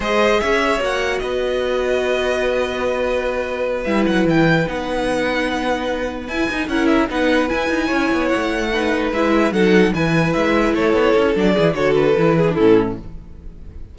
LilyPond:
<<
  \new Staff \with { instrumentName = "violin" } { \time 4/4 \tempo 4 = 148 dis''4 e''4 fis''4 dis''4~ | dis''1~ | dis''4. e''8 fis''8 g''4 fis''8~ | fis''2.~ fis''8 gis''8~ |
gis''8 fis''8 e''8 fis''4 gis''4.~ | gis''8 fis''2 e''4 fis''8~ | fis''8 gis''4 e''4 cis''4. | d''4 cis''8 b'4. a'4 | }
  \new Staff \with { instrumentName = "violin" } { \time 4/4 c''4 cis''2 b'4~ | b'1~ | b'1~ | b'1~ |
b'8 ais'4 b'2 cis''8~ | cis''4. b'2 a'8~ | a'8 b'2 a'4.~ | a'8 gis'8 a'4. gis'8 e'4 | }
  \new Staff \with { instrumentName = "viola" } { \time 4/4 gis'2 fis'2~ | fis'1~ | fis'4. e'2 dis'8~ | dis'2.~ dis'8 e'8 |
dis'8 e'4 dis'4 e'4.~ | e'4. dis'4 e'4 dis'8~ | dis'8 e'2.~ e'8 | d'8 e'8 fis'4 e'8. d'16 cis'4 | }
  \new Staff \with { instrumentName = "cello" } { \time 4/4 gis4 cis'4 ais4 b4~ | b1~ | b4. g8 fis8 e4 b8~ | b2.~ b8 e'8 |
dis'8 cis'4 b4 e'8 dis'8 cis'8 | b8 a2 gis4 fis8~ | fis8 e4 gis4 a8 b8 cis'8 | fis8 e8 d4 e4 a,4 | }
>>